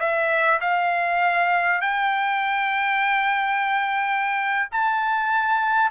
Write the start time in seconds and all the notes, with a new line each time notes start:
0.00 E5
0.61 F5
1.82 G5
4.72 A5